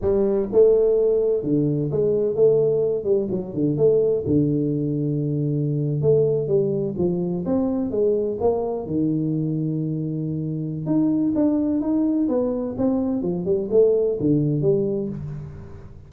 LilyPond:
\new Staff \with { instrumentName = "tuba" } { \time 4/4 \tempo 4 = 127 g4 a2 d4 | gis4 a4. g8 fis8 d8 | a4 d2.~ | d8. a4 g4 f4 c'16~ |
c'8. gis4 ais4 dis4~ dis16~ | dis2. dis'4 | d'4 dis'4 b4 c'4 | f8 g8 a4 d4 g4 | }